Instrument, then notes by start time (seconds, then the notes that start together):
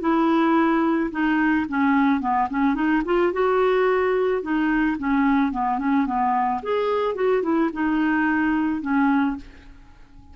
clarinet
0.00 E4
1.11 D#4
1.68 C#4
2.20 B3
2.50 C#4
2.74 D#4
3.05 F4
3.32 F#4
4.42 D#4
4.98 C#4
5.51 B3
5.78 C#4
6.06 B3
6.62 G#4
7.15 F#4
7.42 E4
7.73 D#4
8.81 C#4